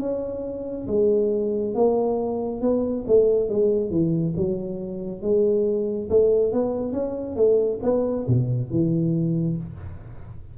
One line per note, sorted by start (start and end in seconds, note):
0.00 0.87 C#4
0.88 1.75 G#3
1.75 2.62 A#3
2.62 3.05 B3
3.08 3.49 A3
3.49 3.91 G#3
3.91 4.34 E3
4.37 5.22 F#3
5.22 6.09 G#3
6.10 6.53 A3
6.53 6.92 B3
6.92 7.36 C#4
7.36 7.80 A3
7.83 8.26 B3
8.28 8.70 B2
8.70 9.57 E3